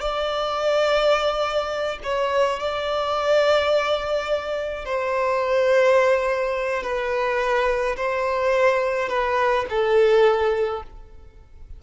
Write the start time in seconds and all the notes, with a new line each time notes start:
0.00 D5
2.03 C#5
2.59 D5
4.85 C5
6.83 B4
7.96 C5
9.08 B4
9.69 A4